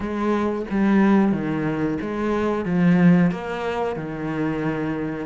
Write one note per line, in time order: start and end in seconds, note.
0.00 0.65 G#3
0.70 1.32 G3
1.32 1.98 D#3
2.01 2.65 G#3
2.65 3.31 F3
3.31 3.96 A#3
3.96 5.26 D#3